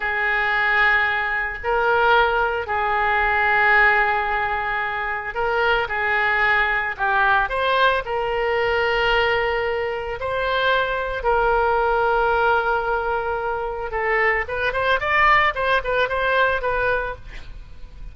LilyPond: \new Staff \with { instrumentName = "oboe" } { \time 4/4 \tempo 4 = 112 gis'2. ais'4~ | ais'4 gis'2.~ | gis'2 ais'4 gis'4~ | gis'4 g'4 c''4 ais'4~ |
ais'2. c''4~ | c''4 ais'2.~ | ais'2 a'4 b'8 c''8 | d''4 c''8 b'8 c''4 b'4 | }